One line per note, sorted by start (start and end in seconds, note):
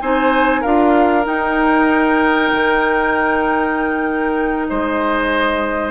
0.00 0.64 C4
0.00 0.64 D#4
0.00 0.61 C5
0.00 0.62 G#5
0.61 1.26 D4
0.61 1.23 F4
0.61 4.67 A#4
0.61 1.25 F5
1.23 5.91 D#4
1.23 2.51 D#4
1.23 4.68 G5
2.52 4.70 D#3
4.68 5.91 G#3
4.68 5.91 C5
4.68 5.91 D#5